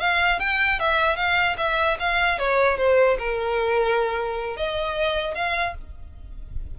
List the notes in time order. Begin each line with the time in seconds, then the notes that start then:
0.00 F5
0.39 G5
0.79 E5
1.16 F5
1.57 E5
2.00 F5
2.39 C#5
2.78 C5
3.19 A#4
4.57 D#5
5.35 F5